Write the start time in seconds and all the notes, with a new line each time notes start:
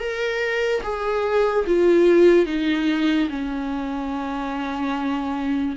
0.00 A#4
0.83 G#4
1.67 F4
2.47 D#4
3.30 C#4